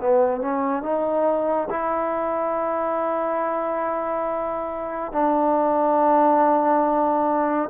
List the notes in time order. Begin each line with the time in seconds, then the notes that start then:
0.00 B3
0.41 C#4
0.82 D#4
1.70 E4
5.12 D4